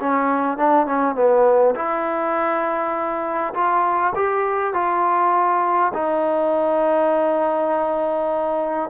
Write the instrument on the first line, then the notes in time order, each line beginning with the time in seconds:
trombone
0.00 C#4
0.58 D4
0.87 C#4
1.16 B3
1.76 E4
3.54 F4
4.15 G4
4.74 F4
5.94 D#4